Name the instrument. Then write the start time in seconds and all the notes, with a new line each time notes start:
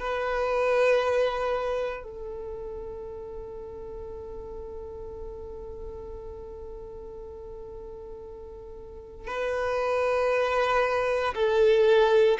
violin
0.00 B4
2.04 A4
9.28 B4
11.35 A4